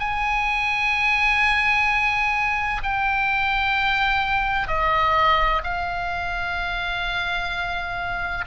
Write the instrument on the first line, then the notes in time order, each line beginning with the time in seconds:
oboe
0.00 G#5
2.83 G5
4.68 D#5
5.64 F5